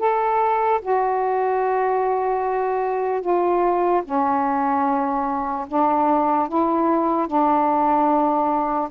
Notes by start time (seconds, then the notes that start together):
0.00 A4
0.82 F#4
3.22 F4
4.05 C#4
5.68 D4
6.49 E4
7.28 D4